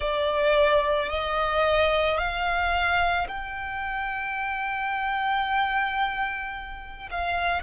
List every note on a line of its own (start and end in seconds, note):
0.00 1.09 D5
1.09 2.18 D#5
2.18 3.27 F5
3.27 7.09 G5
7.11 7.62 F5